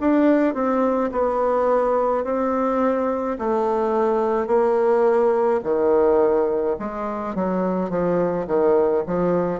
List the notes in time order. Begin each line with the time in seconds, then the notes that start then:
0.00 D4
0.54 C4
1.12 B3
2.24 C4
3.38 A3
4.47 A#3
5.63 D#3
6.79 G#3
7.35 F#3
7.90 F3
8.46 D#3
9.07 F3